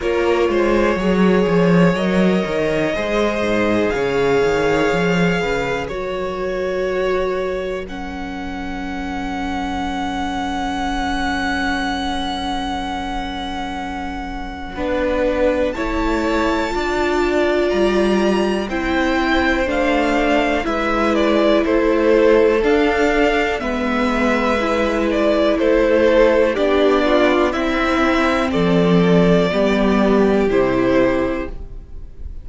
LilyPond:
<<
  \new Staff \with { instrumentName = "violin" } { \time 4/4 \tempo 4 = 61 cis''2 dis''2 | f''2 cis''2 | fis''1~ | fis''1 |
a''2 ais''4 g''4 | f''4 e''8 d''8 c''4 f''4 | e''4. d''8 c''4 d''4 | e''4 d''2 c''4 | }
  \new Staff \with { instrumentName = "violin" } { \time 4/4 ais'8 c''8 cis''2 c''4 | cis''4. b'8 ais'2~ | ais'1~ | ais'2. b'4 |
cis''4 d''2 c''4~ | c''4 b'4 a'2 | b'2 a'4 g'8 f'8 | e'4 a'4 g'2 | }
  \new Staff \with { instrumentName = "viola" } { \time 4/4 f'4 gis'4 ais'4 gis'4~ | gis'2 fis'2 | cis'1~ | cis'2. d'4 |
e'4 f'2 e'4 | d'4 e'2 d'4 | b4 e'2 d'4 | c'2 b4 e'4 | }
  \new Staff \with { instrumentName = "cello" } { \time 4/4 ais8 gis8 fis8 f8 fis8 dis8 gis8 gis,8 | cis8 dis8 f8 cis8 fis2~ | fis1~ | fis2. b4 |
a4 d'4 g4 c'4 | a4 gis4 a4 d'4 | gis2 a4 b4 | c'4 f4 g4 c4 | }
>>